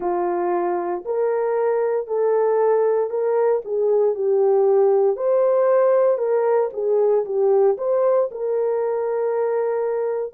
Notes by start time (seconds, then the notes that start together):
0.00 F4
1.05 A#4
2.07 A4
3.09 A#4
3.64 G#4
4.14 G4
5.16 C5
6.17 A#4
6.72 G#4
7.25 G4
7.77 C5
8.31 A#4